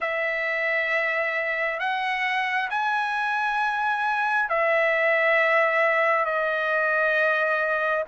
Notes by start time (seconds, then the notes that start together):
0.00 E5
1.79 F#5
2.70 G#5
4.49 E5
6.24 D#5